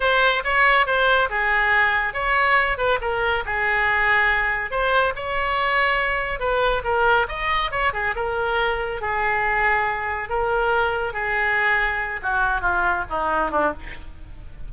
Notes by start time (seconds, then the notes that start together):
0.00 C5
0.44 C#5
0.86 C5
1.29 G#4
2.13 C#5
2.77 B4
3.01 A#4
3.45 G#4
4.70 C5
5.15 C#5
6.39 B4
6.84 A#4
7.28 D#5
7.71 C#5
7.93 G#4
8.15 A#4
9.01 G#4
10.29 A#4
11.13 G#4
12.22 F#4
12.61 F4
13.09 D#4
13.51 D4